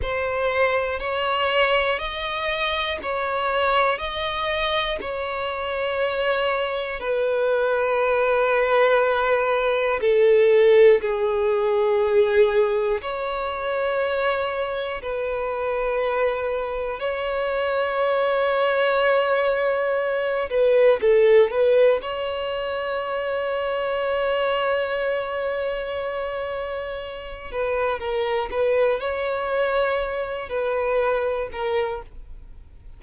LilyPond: \new Staff \with { instrumentName = "violin" } { \time 4/4 \tempo 4 = 60 c''4 cis''4 dis''4 cis''4 | dis''4 cis''2 b'4~ | b'2 a'4 gis'4~ | gis'4 cis''2 b'4~ |
b'4 cis''2.~ | cis''8 b'8 a'8 b'8 cis''2~ | cis''2.~ cis''8 b'8 | ais'8 b'8 cis''4. b'4 ais'8 | }